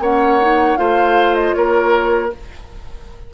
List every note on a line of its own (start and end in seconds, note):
0.00 0.77 A#3
0.00 0.41 C#4
0.00 0.79 C#5
0.00 0.77 F#5
0.41 0.77 D#4
0.77 1.55 A3
0.77 2.31 F4
0.77 1.56 C5
0.77 1.35 F5
1.35 1.54 D#5
1.54 2.32 A#3
1.54 2.34 A#4
1.54 2.31 C#5